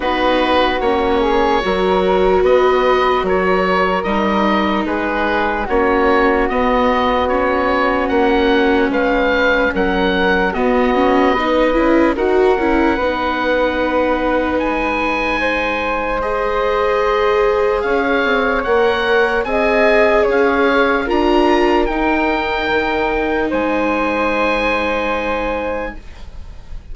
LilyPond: <<
  \new Staff \with { instrumentName = "oboe" } { \time 4/4 \tempo 4 = 74 b'4 cis''2 dis''4 | cis''4 dis''4 b'4 cis''4 | dis''4 cis''4 fis''4 f''4 | fis''4 dis''2 fis''4~ |
fis''2 gis''2 | dis''2 f''4 fis''4 | gis''4 f''4 ais''4 g''4~ | g''4 gis''2. | }
  \new Staff \with { instrumentName = "flute" } { \time 4/4 fis'4. gis'8 ais'4 b'4 | ais'2 gis'4 fis'4~ | fis'2. b'4 | ais'4 fis'4 b'4 ais'4 |
b'2. c''4~ | c''2 cis''2 | dis''4 cis''4 ais'2~ | ais'4 c''2. | }
  \new Staff \with { instrumentName = "viola" } { \time 4/4 dis'4 cis'4 fis'2~ | fis'4 dis'2 cis'4 | b4 cis'2.~ | cis'4 b8 cis'8 dis'8 e'8 fis'8 e'8 |
dis'1 | gis'2. ais'4 | gis'2 f'4 dis'4~ | dis'1 | }
  \new Staff \with { instrumentName = "bassoon" } { \time 4/4 b4 ais4 fis4 b4 | fis4 g4 gis4 ais4 | b2 ais4 gis4 | fis4 b4. cis'8 dis'8 cis'8 |
b2 gis2~ | gis2 cis'8 c'8 ais4 | c'4 cis'4 d'4 dis'4 | dis4 gis2. | }
>>